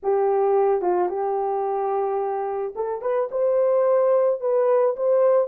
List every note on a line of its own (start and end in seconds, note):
0.02 0.81 G4
0.81 1.09 F4
1.09 2.74 G4
2.75 3.01 A4
3.01 3.29 B4
3.31 4.40 C5
4.40 4.95 B4
4.96 5.47 C5